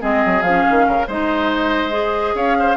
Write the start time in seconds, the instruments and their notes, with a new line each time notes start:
0.00 bassoon G#3, clarinet C4, oboe G#4, flute D#5
0.25 bassoon F#3
0.42 bassoon F3, flute F5
0.48 clarinet C#4
0.70 bassoon D#3
0.87 bassoon C#3, oboe A#4
1.07 bassoon G#3, clarinet D#4, oboe C5, flute D#5
1.91 clarinet G#4
2.34 bassoon C#4, oboe C#5, flute F5
2.59 oboe C5